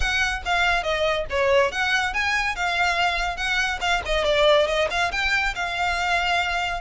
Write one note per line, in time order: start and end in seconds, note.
0.00 0.42 F#5
0.45 0.83 F5
0.83 1.25 D#5
1.29 1.71 C#5
1.71 2.13 F#5
2.13 2.55 G#5
2.55 3.36 F5
3.36 3.79 F#5
3.80 4.02 F5
4.05 4.24 D#5
4.24 4.67 D5
4.67 4.88 D#5
4.90 5.11 F5
5.11 5.54 G5
5.55 6.81 F5